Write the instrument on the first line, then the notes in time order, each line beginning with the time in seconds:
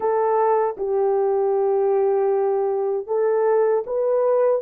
horn
0.00 A4
0.77 G4
3.07 A4
3.86 B4